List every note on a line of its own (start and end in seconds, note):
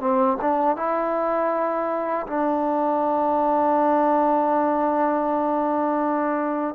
0.00 0.38 C4
0.41 0.76 D4
0.76 2.26 E4
2.27 6.75 D4